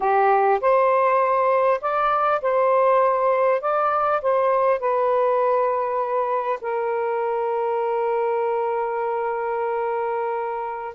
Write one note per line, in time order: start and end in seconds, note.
0.00 0.60 G4
0.60 1.80 C5
1.81 2.41 D5
2.41 3.61 C5
3.61 4.21 D5
4.21 4.79 C5
4.79 6.59 B4
6.61 10.94 A#4